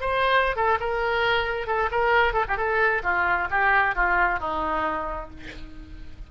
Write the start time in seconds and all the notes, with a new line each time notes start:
0.00 C5
0.56 A4
0.80 A#4
1.67 A4
1.91 A#4
2.33 A4
2.48 G4
2.57 A4
3.03 F4
3.50 G4
3.95 F4
4.39 D#4